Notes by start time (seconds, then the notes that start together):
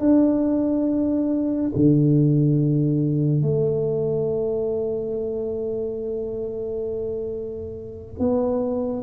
0.00 D4
1.76 D3
3.42 A3
8.19 B3